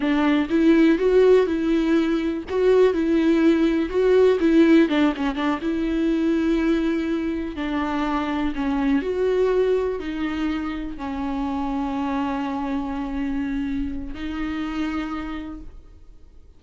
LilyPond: \new Staff \with { instrumentName = "viola" } { \time 4/4 \tempo 4 = 123 d'4 e'4 fis'4 e'4~ | e'4 fis'4 e'2 | fis'4 e'4 d'8 cis'8 d'8 e'8~ | e'2.~ e'8 d'8~ |
d'4. cis'4 fis'4.~ | fis'8 dis'2 cis'4.~ | cis'1~ | cis'4 dis'2. | }